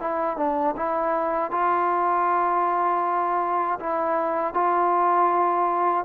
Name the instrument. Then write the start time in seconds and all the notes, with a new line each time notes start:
trombone
0.00 E4
0.37 D4
0.76 E4
1.51 F4
3.80 E4
4.54 F4